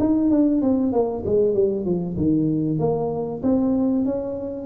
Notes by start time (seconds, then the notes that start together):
0.00 D#4
0.31 D4
0.62 C4
0.93 A#3
1.26 G#3
1.55 G3
1.86 F3
2.17 D#3
2.80 A#3
3.43 C4
4.06 C#4